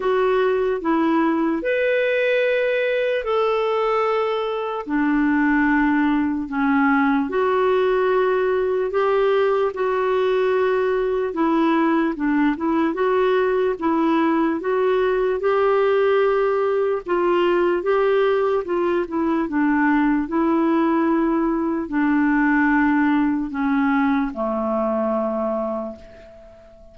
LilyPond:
\new Staff \with { instrumentName = "clarinet" } { \time 4/4 \tempo 4 = 74 fis'4 e'4 b'2 | a'2 d'2 | cis'4 fis'2 g'4 | fis'2 e'4 d'8 e'8 |
fis'4 e'4 fis'4 g'4~ | g'4 f'4 g'4 f'8 e'8 | d'4 e'2 d'4~ | d'4 cis'4 a2 | }